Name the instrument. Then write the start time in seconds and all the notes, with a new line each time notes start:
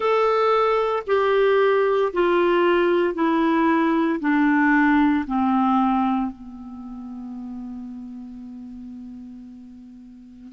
clarinet
0.00 A4
1.07 G4
2.13 F4
3.14 E4
4.20 D4
5.26 C4
6.31 B3